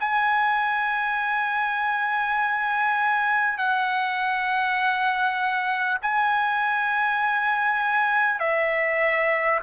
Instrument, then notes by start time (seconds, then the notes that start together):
trumpet
0.00 G#5
3.58 F#5
6.02 G#5
8.39 E5